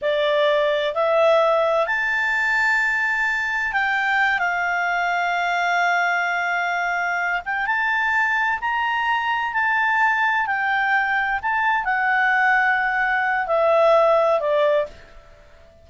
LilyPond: \new Staff \with { instrumentName = "clarinet" } { \time 4/4 \tempo 4 = 129 d''2 e''2 | a''1 | g''4. f''2~ f''8~ | f''1 |
g''8 a''2 ais''4.~ | ais''8 a''2 g''4.~ | g''8 a''4 fis''2~ fis''8~ | fis''4 e''2 d''4 | }